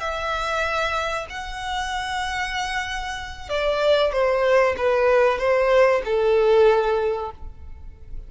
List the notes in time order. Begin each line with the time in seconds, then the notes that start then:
0.00 E5
1.29 F#5
3.49 D5
4.12 C5
4.77 B4
5.38 C5
6.05 A4